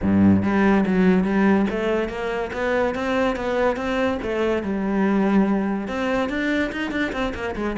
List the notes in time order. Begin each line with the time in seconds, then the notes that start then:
0.02 G2
0.43 G3
0.85 F#3
1.24 G3
1.70 A3
2.08 A#3
2.52 B3
2.94 C4
3.36 B3
3.76 C4
4.22 A3
4.62 G3
5.87 C4
6.29 D4
6.72 D#4
6.91 D4
7.12 C4
7.34 A#3
7.55 G#3